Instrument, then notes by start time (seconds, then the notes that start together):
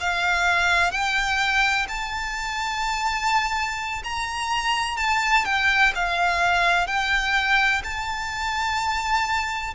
violin
0.00 F5
0.91 G5
1.88 A5
4.03 A#5
4.97 A5
5.45 G5
5.95 F5
6.87 G5
7.84 A5